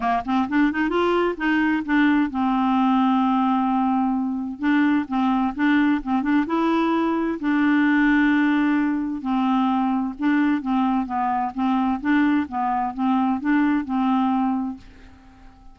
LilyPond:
\new Staff \with { instrumentName = "clarinet" } { \time 4/4 \tempo 4 = 130 ais8 c'8 d'8 dis'8 f'4 dis'4 | d'4 c'2.~ | c'2 d'4 c'4 | d'4 c'8 d'8 e'2 |
d'1 | c'2 d'4 c'4 | b4 c'4 d'4 b4 | c'4 d'4 c'2 | }